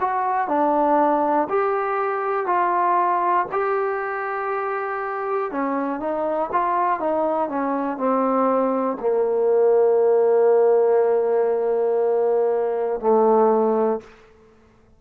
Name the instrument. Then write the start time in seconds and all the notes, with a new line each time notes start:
trombone
0.00 F#4
0.48 D4
1.49 G4
2.46 F4
3.52 G4
5.52 C#4
6.00 D#4
6.52 F4
7.00 D#4
7.49 C#4
7.98 C4
9.00 A#3
13.00 A3